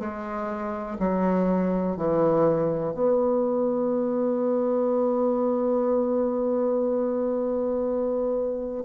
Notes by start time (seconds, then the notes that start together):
0.00 G#3
1.00 F#3
1.97 E3
2.95 B3